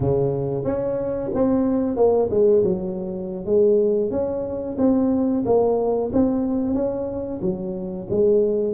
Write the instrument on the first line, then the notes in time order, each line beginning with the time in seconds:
tuba
0.00 C#3
0.64 C#4
1.34 C4
1.96 A#3
2.30 G#3
2.63 F#3
3.45 G#3
4.11 C#4
4.78 C4
5.45 A#3
6.12 C4
6.74 C#4
7.41 F#3
8.09 G#3